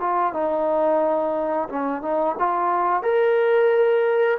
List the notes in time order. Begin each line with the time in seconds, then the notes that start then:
0.00 F4
0.33 D#4
1.69 C#4
2.02 D#4
2.38 F4
3.02 A#4